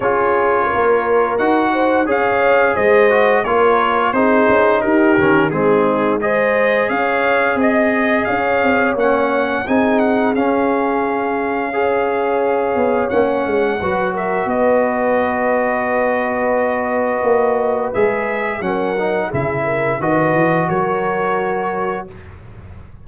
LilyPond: <<
  \new Staff \with { instrumentName = "trumpet" } { \time 4/4 \tempo 4 = 87 cis''2 fis''4 f''4 | dis''4 cis''4 c''4 ais'4 | gis'4 dis''4 f''4 dis''4 | f''4 fis''4 gis''8 fis''8 f''4~ |
f''2. fis''4~ | fis''8 e''8 dis''2.~ | dis''2 e''4 fis''4 | e''4 dis''4 cis''2 | }
  \new Staff \with { instrumentName = "horn" } { \time 4/4 gis'4 ais'4. c''8 cis''4 | c''4 ais'4 gis'4 g'4 | dis'4 c''4 cis''4 dis''4 | cis''2 gis'2~ |
gis'4 cis''2. | b'8 ais'8 b'2.~ | b'2. ais'4 | gis'8 ais'8 b'4 ais'2 | }
  \new Staff \with { instrumentName = "trombone" } { \time 4/4 f'2 fis'4 gis'4~ | gis'8 fis'8 f'4 dis'4. cis'8 | c'4 gis'2.~ | gis'4 cis'4 dis'4 cis'4~ |
cis'4 gis'2 cis'4 | fis'1~ | fis'2 gis'4 cis'8 dis'8 | e'4 fis'2. | }
  \new Staff \with { instrumentName = "tuba" } { \time 4/4 cis'4 ais4 dis'4 cis'4 | gis4 ais4 c'8 cis'8 dis'8 dis8 | gis2 cis'4 c'4 | cis'8 c'8 ais4 c'4 cis'4~ |
cis'2~ cis'8 b8 ais8 gis8 | fis4 b2.~ | b4 ais4 gis4 fis4 | cis4 dis8 e8 fis2 | }
>>